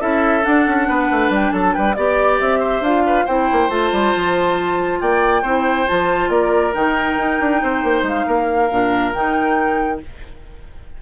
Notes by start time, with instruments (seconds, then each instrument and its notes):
0.00 bassoon C#4, clarinet E4, oboe A4, flute E5
0.43 clarinet D4, bassoon D4, flute F#5
0.67 bassoon C#4
0.88 bassoon B3, oboe B4
1.11 bassoon A3
1.30 bassoon G3, flute G5
1.53 bassoon F#3, oboe A4, flute A5
1.74 bassoon G3, oboe B4, flute G5
1.95 bassoon B3, clarinet G4, flute D5, oboe D5
2.40 bassoon C4, flute E5
2.60 oboe C5
2.81 bassoon D4, clarinet F4, flute F5
3.07 oboe B4
3.25 bassoon C4, clarinet E4, oboe C5, flute G5
3.52 bassoon A#3
3.69 bassoon A3, clarinet F4, flute A5
3.92 bassoon G3
4.16 bassoon F3
5.01 bassoon A#3, oboe D5, flute G5
5.42 bassoon C4, clarinet E4, oboe C5
5.87 bassoon F3, clarinet F4, flute A5
6.29 bassoon A#3, oboe A#4, flute D5
6.73 bassoon D#3, clarinet D#4, flute G5
7.18 bassoon D#4
7.41 bassoon D4
7.62 bassoon C4, oboe C5
7.84 bassoon A#3
8.03 bassoon G#3, flute F5
8.27 bassoon A#3, oboe A#4
8.71 bassoon A#2, clarinet D4
9.13 bassoon D#3, clarinet D#4, flute G5